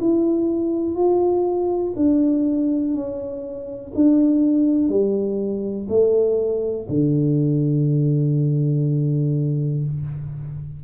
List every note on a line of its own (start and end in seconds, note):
0.00 0.95 E4
0.95 1.94 F4
1.96 2.94 D4
2.94 3.92 C#4
3.94 4.89 D4
4.89 5.87 G3
5.88 6.87 A3
6.89 9.84 D3